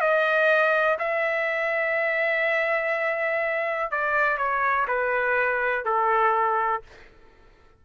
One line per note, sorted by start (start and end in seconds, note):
0.00 0.98 D#5
0.98 3.91 E5
3.91 4.37 D5
4.37 4.86 C#5
4.87 5.84 B4
5.84 6.82 A4